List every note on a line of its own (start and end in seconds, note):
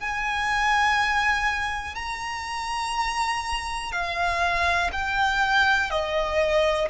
0.00 1.95 G#5
1.95 3.92 A#5
3.93 4.91 F5
4.93 5.91 G5
5.91 6.89 D#5